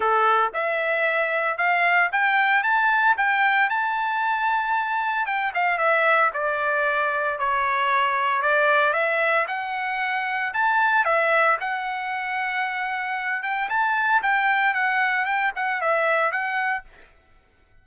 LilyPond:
\new Staff \with { instrumentName = "trumpet" } { \time 4/4 \tempo 4 = 114 a'4 e''2 f''4 | g''4 a''4 g''4 a''4~ | a''2 g''8 f''8 e''4 | d''2 cis''2 |
d''4 e''4 fis''2 | a''4 e''4 fis''2~ | fis''4. g''8 a''4 g''4 | fis''4 g''8 fis''8 e''4 fis''4 | }